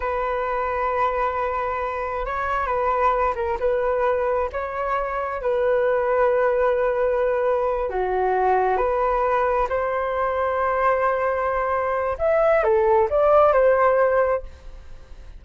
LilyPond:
\new Staff \with { instrumentName = "flute" } { \time 4/4 \tempo 4 = 133 b'1~ | b'4 cis''4 b'4. ais'8 | b'2 cis''2 | b'1~ |
b'4. fis'2 b'8~ | b'4. c''2~ c''8~ | c''2. e''4 | a'4 d''4 c''2 | }